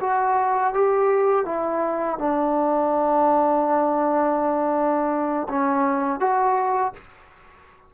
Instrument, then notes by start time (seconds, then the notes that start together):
trombone
0.00 F#4
0.73 G4
1.45 E4
2.18 D4
5.48 C#4
6.20 F#4